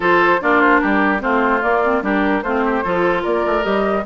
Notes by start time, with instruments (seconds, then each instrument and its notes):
0.00 bassoon F3, clarinet F4, oboe A4, flute C5
0.40 bassoon A#3, clarinet D4, oboe F4, flute D5
0.60 flute C5
0.79 bassoon G3, oboe G4, flute A#4
1.19 bassoon A3, clarinet C4, oboe F4, flute C5
1.62 clarinet A#3, bassoon A#3, flute D5
1.84 clarinet C4
2.02 bassoon G3, clarinet D4, oboe G4, flute A#4
2.42 bassoon A3, clarinet C4, oboe F4, flute C5
2.64 oboe G4
2.84 bassoon F3, clarinet F4, oboe A4
3.22 bassoon A#3, oboe A#4, flute D5
3.46 bassoon A3
3.62 bassoon G3, clarinet G4, flute D#5